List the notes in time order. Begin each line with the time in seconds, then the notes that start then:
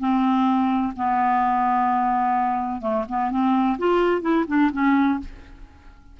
0.00 C4
0.97 B3
2.82 A3
3.09 B3
3.31 C4
3.79 F4
4.22 E4
4.48 D4
4.73 C#4